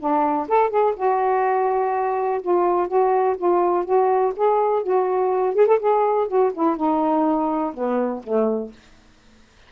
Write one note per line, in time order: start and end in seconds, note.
0.00 0.48 D4
0.49 0.70 A4
0.70 0.94 G#4
0.97 2.42 F#4
2.42 2.88 F4
2.88 3.37 F#4
3.38 3.85 F4
3.85 4.34 F#4
4.37 4.83 G#4
4.83 5.56 F#4
5.56 5.67 G#4
5.67 5.80 A4
5.80 6.28 G#4
6.28 6.52 F#4
6.55 6.77 E4
6.77 7.74 D#4
7.74 8.23 B3
8.24 8.73 A3